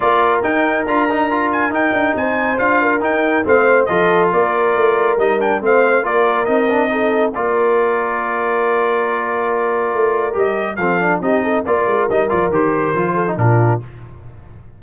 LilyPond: <<
  \new Staff \with { instrumentName = "trumpet" } { \time 4/4 \tempo 4 = 139 d''4 g''4 ais''4. gis''8 | g''4 gis''4 f''4 g''4 | f''4 dis''4 d''2 | dis''8 g''8 f''4 d''4 dis''4~ |
dis''4 d''2.~ | d''1 | dis''4 f''4 dis''4 d''4 | dis''8 d''8 c''2 ais'4 | }
  \new Staff \with { instrumentName = "horn" } { \time 4/4 ais'1~ | ais'4 c''4. ais'4. | c''4 a'4 ais'2~ | ais'4 c''4 ais'2 |
a'4 ais'2.~ | ais'1~ | ais'4 a'4 g'8 a'8 ais'4~ | ais'2~ ais'8 a'8 f'4 | }
  \new Staff \with { instrumentName = "trombone" } { \time 4/4 f'4 dis'4 f'8 dis'8 f'4 | dis'2 f'4 dis'4 | c'4 f'2. | dis'8 d'8 c'4 f'4 dis'8 d'8 |
dis'4 f'2.~ | f'1 | g'4 c'8 d'8 dis'4 f'4 | dis'8 f'8 g'4 f'8. dis'16 d'4 | }
  \new Staff \with { instrumentName = "tuba" } { \time 4/4 ais4 dis'4 d'2 | dis'8 d'8 c'4 d'4 dis'4 | a4 f4 ais4 a4 | g4 a4 ais4 c'4~ |
c'4 ais2.~ | ais2. a4 | g4 f4 c'4 ais8 gis8 | g8 f8 dis4 f4 ais,4 | }
>>